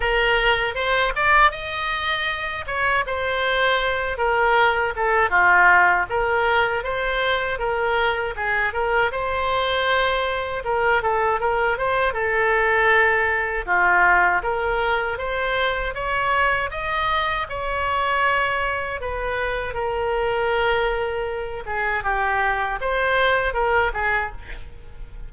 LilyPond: \new Staff \with { instrumentName = "oboe" } { \time 4/4 \tempo 4 = 79 ais'4 c''8 d''8 dis''4. cis''8 | c''4. ais'4 a'8 f'4 | ais'4 c''4 ais'4 gis'8 ais'8 | c''2 ais'8 a'8 ais'8 c''8 |
a'2 f'4 ais'4 | c''4 cis''4 dis''4 cis''4~ | cis''4 b'4 ais'2~ | ais'8 gis'8 g'4 c''4 ais'8 gis'8 | }